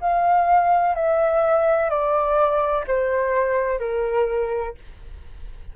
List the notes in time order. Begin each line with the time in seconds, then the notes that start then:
0.00 F5
0.95 E5
1.89 D5
2.87 C5
3.79 A#4